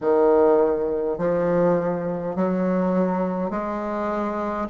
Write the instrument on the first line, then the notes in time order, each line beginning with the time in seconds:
bassoon
0.01 D#3
1.18 F3
2.35 F#3
3.50 G#3